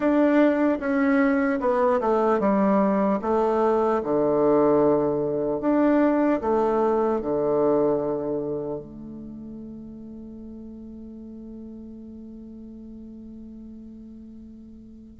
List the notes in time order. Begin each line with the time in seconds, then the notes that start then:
0.00 D4
0.79 C#4
1.60 B3
2.00 A3
2.39 G3
3.21 A3
4.03 D3
5.60 D4
6.41 A3
7.20 D3
8.79 A3